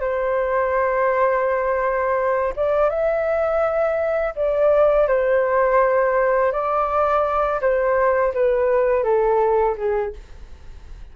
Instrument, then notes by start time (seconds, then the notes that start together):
flute
0.00 C5
2.56 D5
2.89 E5
4.35 D5
5.07 C5
6.52 D5
7.61 C5
8.34 B4
9.03 A4
9.77 G#4